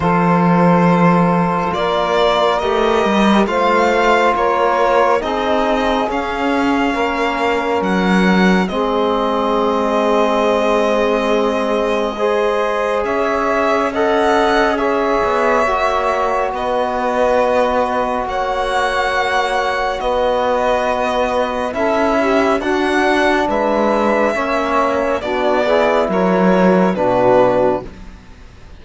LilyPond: <<
  \new Staff \with { instrumentName = "violin" } { \time 4/4 \tempo 4 = 69 c''2 d''4 dis''4 | f''4 cis''4 dis''4 f''4~ | f''4 fis''4 dis''2~ | dis''2. e''4 |
fis''4 e''2 dis''4~ | dis''4 fis''2 dis''4~ | dis''4 e''4 fis''4 e''4~ | e''4 d''4 cis''4 b'4 | }
  \new Staff \with { instrumentName = "saxophone" } { \time 4/4 a'2 ais'2 | c''4 ais'4 gis'2 | ais'2 gis'2~ | gis'2 c''4 cis''4 |
dis''4 cis''2 b'4~ | b'4 cis''2 b'4~ | b'4 a'8 g'8 fis'4 b'4 | cis''4 fis'8 gis'8 ais'4 fis'4 | }
  \new Staff \with { instrumentName = "trombone" } { \time 4/4 f'2. g'4 | f'2 dis'4 cis'4~ | cis'2 c'2~ | c'2 gis'2 |
a'4 gis'4 fis'2~ | fis'1~ | fis'4 e'4 d'2 | cis'4 d'8 e'4. d'4 | }
  \new Staff \with { instrumentName = "cello" } { \time 4/4 f2 ais4 a8 g8 | a4 ais4 c'4 cis'4 | ais4 fis4 gis2~ | gis2. cis'4~ |
cis'4. b8 ais4 b4~ | b4 ais2 b4~ | b4 cis'4 d'4 gis4 | ais4 b4 fis4 b,4 | }
>>